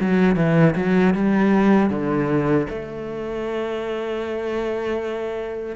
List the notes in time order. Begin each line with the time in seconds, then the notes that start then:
0.00 F#3
0.36 E3
0.76 F#3
1.14 G3
1.90 D3
2.69 A3